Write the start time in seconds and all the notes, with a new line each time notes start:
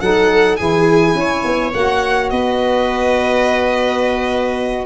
0.00 F#3 D#4 A4 F#5
0.56 E3 E4 G#4 G#5
1.14 C#4 C#5
1.44 B3
1.72 A#3 F#4 F#5
2.29 B3 B4 D#5